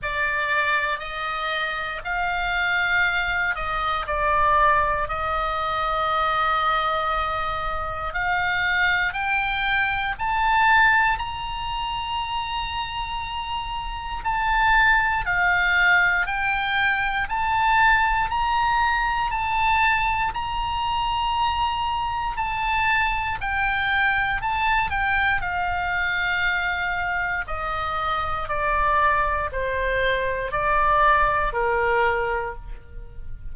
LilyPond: \new Staff \with { instrumentName = "oboe" } { \time 4/4 \tempo 4 = 59 d''4 dis''4 f''4. dis''8 | d''4 dis''2. | f''4 g''4 a''4 ais''4~ | ais''2 a''4 f''4 |
g''4 a''4 ais''4 a''4 | ais''2 a''4 g''4 | a''8 g''8 f''2 dis''4 | d''4 c''4 d''4 ais'4 | }